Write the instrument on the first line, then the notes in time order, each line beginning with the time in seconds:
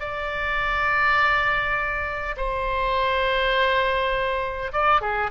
oboe
0.00 D5
2.37 C5
4.72 D5
5.01 G#4